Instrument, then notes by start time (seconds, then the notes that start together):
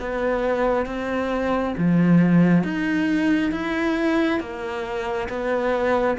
cello
0.00 B3
0.86 C4
1.78 F3
2.64 D#4
3.52 E4
4.40 A#3
5.29 B3